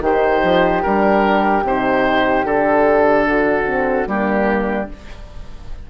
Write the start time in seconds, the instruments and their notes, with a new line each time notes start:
0.00 bassoon D#3, horn D#4, flute G4, oboe C5
0.43 bassoon F3
0.82 bassoon G3, horn D4, oboe A#4
1.62 bassoon C3, horn D#4, oboe C5
2.44 bassoon D3, horn D4, oboe A4
3.27 flute F#4
3.65 horn C4
4.06 bassoon G3, horn A#3, flute D4, oboe G4